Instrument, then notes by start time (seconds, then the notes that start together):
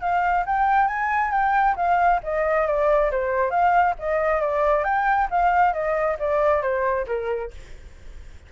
flute
0.00 F5
0.46 G5
0.87 G#5
1.31 G5
1.76 F5
2.23 D#5
2.67 D5
3.11 C5
3.50 F5
3.98 D#5
4.41 D5
4.84 G5
5.30 F5
5.73 D#5
6.19 D5
6.62 C5
7.07 A#4